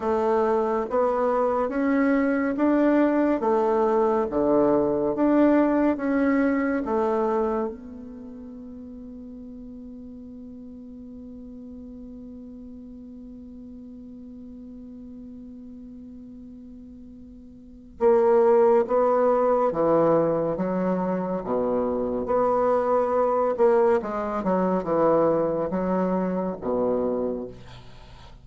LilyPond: \new Staff \with { instrumentName = "bassoon" } { \time 4/4 \tempo 4 = 70 a4 b4 cis'4 d'4 | a4 d4 d'4 cis'4 | a4 b2.~ | b1~ |
b1~ | b4 ais4 b4 e4 | fis4 b,4 b4. ais8 | gis8 fis8 e4 fis4 b,4 | }